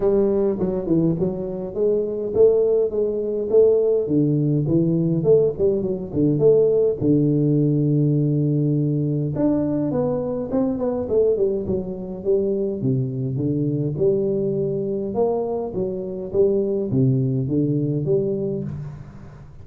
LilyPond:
\new Staff \with { instrumentName = "tuba" } { \time 4/4 \tempo 4 = 103 g4 fis8 e8 fis4 gis4 | a4 gis4 a4 d4 | e4 a8 g8 fis8 d8 a4 | d1 |
d'4 b4 c'8 b8 a8 g8 | fis4 g4 c4 d4 | g2 ais4 fis4 | g4 c4 d4 g4 | }